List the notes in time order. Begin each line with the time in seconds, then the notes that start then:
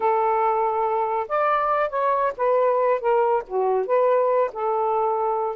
0.00 A4
1.28 D5
1.89 C#5
2.37 B4
3.00 A#4
3.47 F#4
3.86 B4
4.53 A4